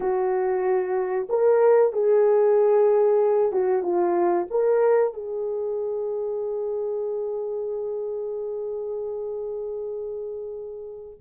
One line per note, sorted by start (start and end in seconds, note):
0.00 1.28 F#4
1.29 1.93 A#4
1.93 3.52 G#4
3.52 3.83 F#4
3.83 4.47 F4
4.50 5.13 A#4
5.13 11.20 G#4